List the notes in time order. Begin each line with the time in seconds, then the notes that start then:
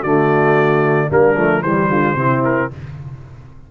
0.00 D3 A3 F#4 D5
1.09 G3 A#3 D4 A#4
1.37 F3 A3
1.62 E3 G3 G4 C5
1.89 D3 F4
2.15 C3 C4 E4
2.44 A#4